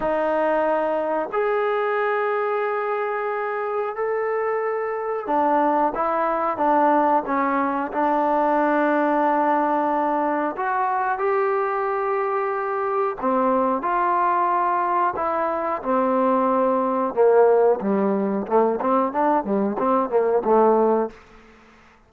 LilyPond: \new Staff \with { instrumentName = "trombone" } { \time 4/4 \tempo 4 = 91 dis'2 gis'2~ | gis'2 a'2 | d'4 e'4 d'4 cis'4 | d'1 |
fis'4 g'2. | c'4 f'2 e'4 | c'2 ais4 g4 | a8 c'8 d'8 g8 c'8 ais8 a4 | }